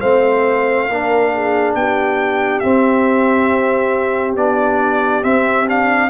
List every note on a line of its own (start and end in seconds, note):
0.00 0.89 A3
0.00 0.89 C4
0.00 0.87 C5
0.00 1.74 F5
0.89 1.75 A#3
0.89 2.63 D4
0.89 1.33 A#4
1.34 1.77 G#4
1.75 2.62 B3
1.75 6.09 G4
1.75 2.60 G5
2.60 4.37 C4
2.60 4.36 C4
2.60 4.34 E5
4.36 5.23 B3
4.36 5.23 D4
4.36 5.23 D5
5.23 5.66 C4
5.23 6.09 C4
5.23 5.67 E5
5.67 6.09 D4
5.67 6.09 F5